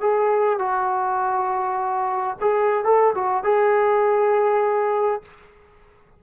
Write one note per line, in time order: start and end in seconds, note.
0.00 0.58 G#4
0.58 2.37 F#4
2.41 2.84 G#4
2.84 3.14 A4
3.15 3.43 F#4
3.43 5.22 G#4